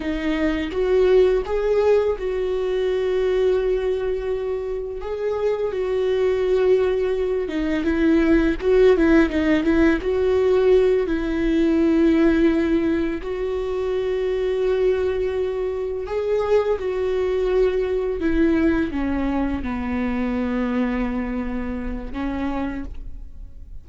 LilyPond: \new Staff \with { instrumentName = "viola" } { \time 4/4 \tempo 4 = 84 dis'4 fis'4 gis'4 fis'4~ | fis'2. gis'4 | fis'2~ fis'8 dis'8 e'4 | fis'8 e'8 dis'8 e'8 fis'4. e'8~ |
e'2~ e'8 fis'4.~ | fis'2~ fis'8 gis'4 fis'8~ | fis'4. e'4 cis'4 b8~ | b2. cis'4 | }